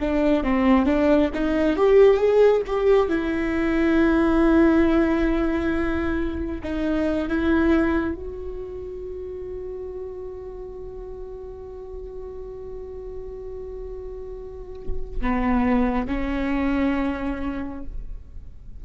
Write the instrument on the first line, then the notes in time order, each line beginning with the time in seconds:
viola
0.00 D4
0.43 C4
0.86 D4
1.34 D#4
1.76 G4
2.17 G#4
2.66 G4
3.09 E4
6.63 D#4
7.28 E4
8.15 F#4
15.21 B3
16.07 C#4